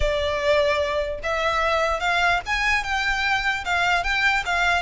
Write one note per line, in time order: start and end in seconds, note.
0.00 1.19 D5
1.23 2.00 E5
2.00 2.40 F5
2.46 2.83 G#5
2.83 3.64 G5
3.64 4.03 F5
4.03 4.43 G5
4.45 4.82 F5